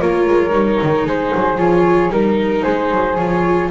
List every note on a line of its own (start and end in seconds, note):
0.00 0.27 A#3
0.00 0.49 F4
0.00 1.06 A#4
0.00 1.06 C#5
0.27 0.51 G#3
0.49 0.78 G3
0.49 1.55 D#4
0.82 1.05 D#3
1.05 1.31 G#3
1.05 2.12 G#4
1.05 1.58 C5
1.34 1.58 F#3
1.57 2.09 F3
1.57 2.09 F4
1.57 2.11 C#5
2.09 2.62 G3
2.09 3.15 D#4
2.09 2.63 A#4
2.63 2.91 G#3
2.63 3.69 G#4
2.63 3.16 C5
2.91 3.17 F#3
3.16 3.70 F3
3.16 3.71 F4
3.16 3.69 C#5